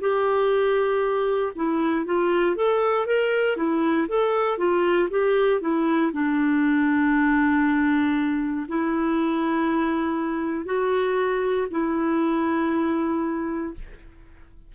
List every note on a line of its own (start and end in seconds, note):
0.00 1.53 G4
1.55 2.05 E4
2.05 2.56 F4
2.56 3.06 A4
3.06 3.56 A#4
3.56 4.07 E4
4.08 4.58 A4
4.58 5.08 F4
5.10 5.61 G4
5.61 6.12 E4
6.12 8.66 D4
8.68 10.65 E4
10.65 11.67 F#4
11.70 13.73 E4